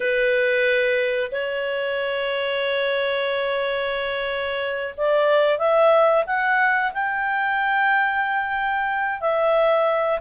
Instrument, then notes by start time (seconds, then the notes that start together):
clarinet
0.00 B4
1.31 C#5
4.97 D5
5.58 E5
6.26 F#5
6.93 G5
9.20 E5